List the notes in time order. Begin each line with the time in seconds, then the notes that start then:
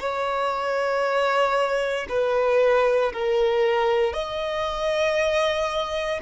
0.00 C#5
2.09 B4
3.13 A#4
4.13 D#5